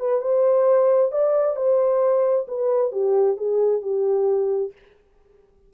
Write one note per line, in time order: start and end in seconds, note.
0.00 0.22 B4
0.22 1.12 C5
1.12 1.56 D5
1.56 2.46 C5
2.48 2.92 B4
2.92 3.37 G4
3.37 3.82 G#4
3.82 4.72 G4